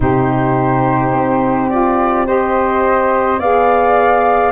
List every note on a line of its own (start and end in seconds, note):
0.00 1.12 C3
0.00 1.69 D#4
0.00 2.26 G4
0.00 1.69 C5
1.12 3.38 C4
1.69 2.26 F4
1.69 2.26 D5
2.26 3.39 G4
2.26 3.39 C5
2.26 3.40 D#5
3.38 4.51 B3
3.38 4.52 G#4
3.38 4.52 D5
3.38 4.52 F5